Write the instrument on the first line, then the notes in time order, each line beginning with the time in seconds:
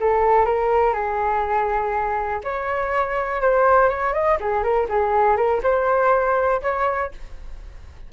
flute
0.00 A4
0.45 A#4
0.93 G#4
2.44 C#5
3.41 C5
3.89 C#5
4.14 D#5
4.40 G#4
4.63 A#4
4.89 G#4
5.37 A#4
5.63 C5
6.62 C#5